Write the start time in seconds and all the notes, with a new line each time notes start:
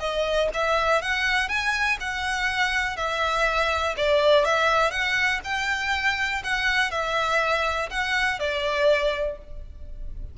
0.00 D#5
0.54 E5
1.02 F#5
1.49 G#5
2.00 F#5
2.97 E5
3.97 D5
4.45 E5
4.91 F#5
5.44 G5
6.44 F#5
6.91 E5
7.90 F#5
8.40 D5